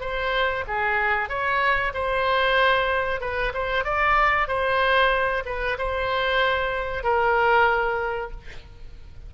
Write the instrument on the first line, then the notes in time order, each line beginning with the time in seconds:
oboe
0.00 C5
0.67 G#4
1.29 C#5
1.93 C5
3.20 B4
3.53 C5
3.84 D5
4.47 C5
5.45 B4
5.78 C5
7.03 A#4